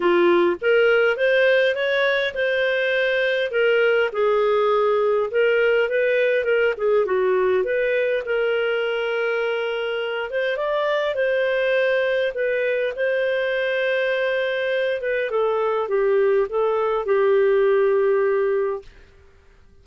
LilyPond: \new Staff \with { instrumentName = "clarinet" } { \time 4/4 \tempo 4 = 102 f'4 ais'4 c''4 cis''4 | c''2 ais'4 gis'4~ | gis'4 ais'4 b'4 ais'8 gis'8 | fis'4 b'4 ais'2~ |
ais'4. c''8 d''4 c''4~ | c''4 b'4 c''2~ | c''4. b'8 a'4 g'4 | a'4 g'2. | }